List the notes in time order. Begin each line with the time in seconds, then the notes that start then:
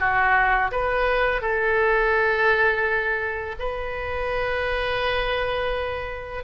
0.00 F#4
0.72 B4
1.42 A4
3.60 B4